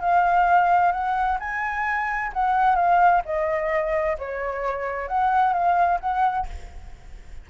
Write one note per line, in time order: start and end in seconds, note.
0.00 0.92 F5
0.92 1.38 F#5
1.39 2.32 G#5
2.33 2.75 F#5
2.75 3.21 F5
3.25 4.17 D#5
4.18 5.07 C#5
5.07 5.53 F#5
5.53 5.99 F5
6.00 6.46 F#5